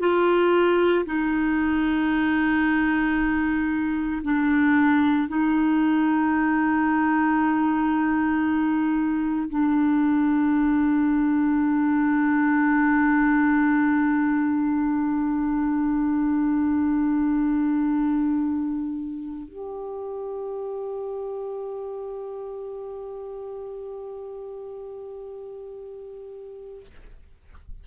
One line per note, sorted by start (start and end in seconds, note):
0.00 1.05 F4
1.06 4.22 D#4
4.23 5.28 D4
5.28 9.49 D#4
9.50 19.49 D4
19.49 26.86 G4